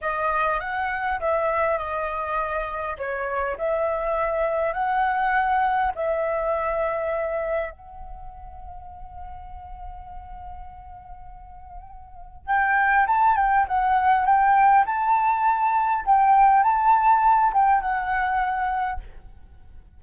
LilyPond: \new Staff \with { instrumentName = "flute" } { \time 4/4 \tempo 4 = 101 dis''4 fis''4 e''4 dis''4~ | dis''4 cis''4 e''2 | fis''2 e''2~ | e''4 fis''2.~ |
fis''1~ | fis''4 g''4 a''8 g''8 fis''4 | g''4 a''2 g''4 | a''4. g''8 fis''2 | }